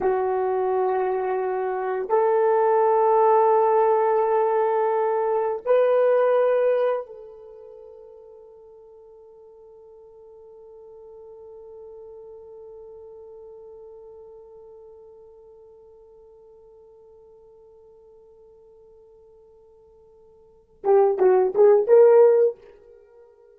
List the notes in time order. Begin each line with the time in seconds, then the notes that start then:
0.01 F#4
2.09 A4
5.65 B4
7.06 A4
20.84 G4
21.18 F#4
21.55 G#4
21.87 A#4